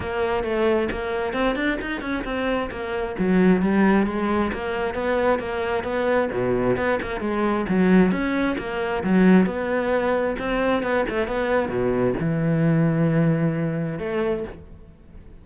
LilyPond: \new Staff \with { instrumentName = "cello" } { \time 4/4 \tempo 4 = 133 ais4 a4 ais4 c'8 d'8 | dis'8 cis'8 c'4 ais4 fis4 | g4 gis4 ais4 b4 | ais4 b4 b,4 b8 ais8 |
gis4 fis4 cis'4 ais4 | fis4 b2 c'4 | b8 a8 b4 b,4 e4~ | e2. a4 | }